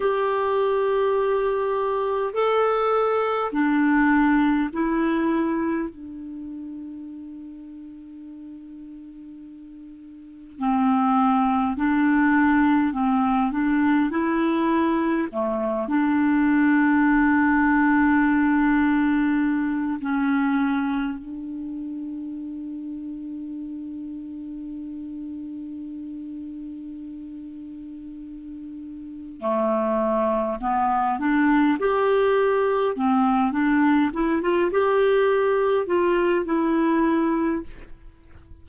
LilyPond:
\new Staff \with { instrumentName = "clarinet" } { \time 4/4 \tempo 4 = 51 g'2 a'4 d'4 | e'4 d'2.~ | d'4 c'4 d'4 c'8 d'8 | e'4 a8 d'2~ d'8~ |
d'4 cis'4 d'2~ | d'1~ | d'4 a4 b8 d'8 g'4 | c'8 d'8 e'16 f'16 g'4 f'8 e'4 | }